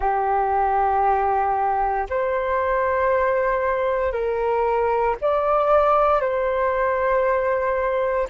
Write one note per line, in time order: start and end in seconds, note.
0.00 2.06 G4
2.09 4.12 C5
4.12 5.15 A#4
5.21 6.21 D5
6.21 8.28 C5